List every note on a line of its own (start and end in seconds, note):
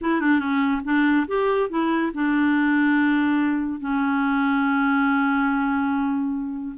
0.01 0.20 E4
0.20 0.39 D4
0.39 0.81 C#4
0.84 1.26 D4
1.27 1.69 G4
1.69 2.11 E4
2.14 3.80 D4
3.80 6.75 C#4